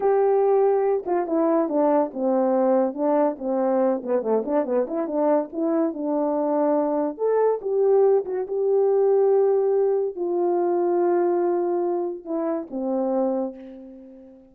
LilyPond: \new Staff \with { instrumentName = "horn" } { \time 4/4 \tempo 4 = 142 g'2~ g'8 f'8 e'4 | d'4 c'2 d'4 | c'4. b8 a8 d'8 b8 e'8 | d'4 e'4 d'2~ |
d'4 a'4 g'4. fis'8 | g'1 | f'1~ | f'4 e'4 c'2 | }